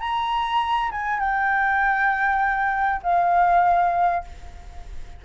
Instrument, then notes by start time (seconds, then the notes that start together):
flute
0.00 A#5
0.91 G#5
1.20 G5
3.03 F5